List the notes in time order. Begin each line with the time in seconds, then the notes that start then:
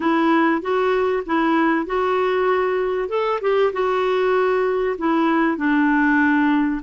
0.00 E4
0.61 F#4
1.26 E4
1.86 F#4
3.08 A4
3.41 G4
3.72 F#4
4.97 E4
5.57 D4